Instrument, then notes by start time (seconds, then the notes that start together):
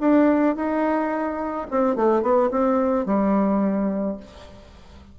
bassoon
0.00 D4
0.56 D#4
1.70 C4
1.95 A3
2.22 B3
2.51 C4
3.06 G3